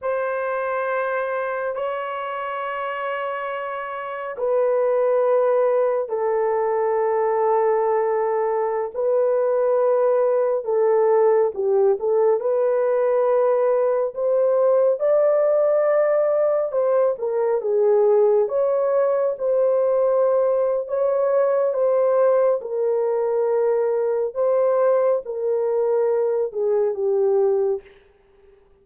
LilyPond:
\new Staff \with { instrumentName = "horn" } { \time 4/4 \tempo 4 = 69 c''2 cis''2~ | cis''4 b'2 a'4~ | a'2~ a'16 b'4.~ b'16~ | b'16 a'4 g'8 a'8 b'4.~ b'16~ |
b'16 c''4 d''2 c''8 ais'16~ | ais'16 gis'4 cis''4 c''4.~ c''16 | cis''4 c''4 ais'2 | c''4 ais'4. gis'8 g'4 | }